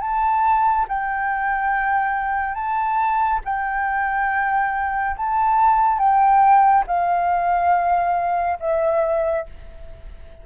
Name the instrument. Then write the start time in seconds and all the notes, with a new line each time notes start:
flute
0.00 A5
0.88 G5
2.54 A5
3.44 G5
5.16 A5
5.98 G5
6.87 F5
8.60 E5